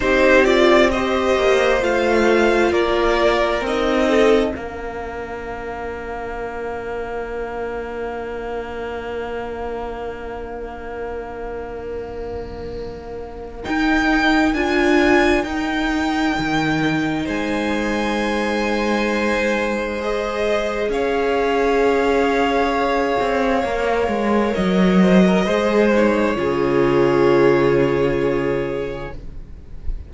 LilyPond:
<<
  \new Staff \with { instrumentName = "violin" } { \time 4/4 \tempo 4 = 66 c''8 d''8 dis''4 f''4 d''4 | dis''4 f''2.~ | f''1~ | f''2. g''4 |
gis''4 g''2 gis''4~ | gis''2 dis''4 f''4~ | f''2. dis''4~ | dis''8 cis''2.~ cis''8 | }
  \new Staff \with { instrumentName = "violin" } { \time 4/4 g'4 c''2 ais'4~ | ais'8 a'8 ais'2.~ | ais'1~ | ais'1~ |
ais'2. c''4~ | c''2. cis''4~ | cis''2.~ cis''8 c''16 ais'16 | c''4 gis'2. | }
  \new Staff \with { instrumentName = "viola" } { \time 4/4 dis'8 f'8 g'4 f'2 | dis'4 d'2.~ | d'1~ | d'2. dis'4 |
f'4 dis'2.~ | dis'2 gis'2~ | gis'2 ais'2 | gis'8 dis'8 f'2. | }
  \new Staff \with { instrumentName = "cello" } { \time 4/4 c'4. ais8 a4 ais4 | c'4 ais2.~ | ais1~ | ais2. dis'4 |
d'4 dis'4 dis4 gis4~ | gis2. cis'4~ | cis'4. c'8 ais8 gis8 fis4 | gis4 cis2. | }
>>